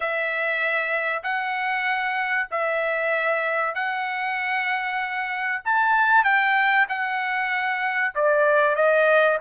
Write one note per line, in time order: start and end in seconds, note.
0.00 1.22 E5
1.23 2.48 F#5
2.50 3.74 E5
3.74 5.62 F#5
5.64 6.24 A5
6.24 6.86 G5
6.88 8.13 F#5
8.14 8.75 D5
8.75 9.38 D#5